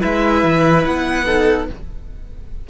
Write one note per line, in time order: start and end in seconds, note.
0.00 0.43 G#3
0.00 1.25 E4
0.00 1.25 B4
0.00 0.85 E5
0.43 0.85 E3
0.85 1.69 B3
0.85 1.68 F#5
1.25 1.68 D#4
1.25 1.67 A4